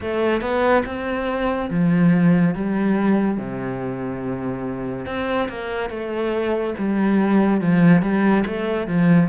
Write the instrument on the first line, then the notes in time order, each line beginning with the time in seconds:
cello
0.00 A3
0.41 B3
0.85 C4
1.70 F3
2.54 G3
3.38 C3
5.06 C4
5.49 A#3
5.89 A3
6.78 G3
7.61 F3
8.01 G3
8.46 A3
8.87 F3